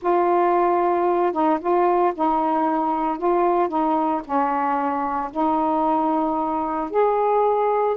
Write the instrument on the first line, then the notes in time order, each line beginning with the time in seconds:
saxophone
0.02 F4
1.32 D#4
1.60 F4
2.15 D#4
3.17 F4
3.68 D#4
4.24 C#4
5.31 D#4
6.90 G#4